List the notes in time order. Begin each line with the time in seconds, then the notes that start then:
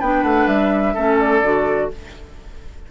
0.00 B3 D4 B4 G5
0.23 A3 F#5
0.47 G3 E5
0.94 A3 C#4 A4
1.20 D5
1.42 D3 F#4